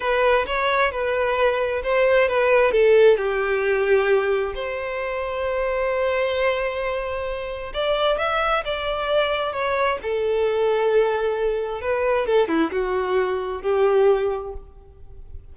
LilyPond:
\new Staff \with { instrumentName = "violin" } { \time 4/4 \tempo 4 = 132 b'4 cis''4 b'2 | c''4 b'4 a'4 g'4~ | g'2 c''2~ | c''1~ |
c''4 d''4 e''4 d''4~ | d''4 cis''4 a'2~ | a'2 b'4 a'8 e'8 | fis'2 g'2 | }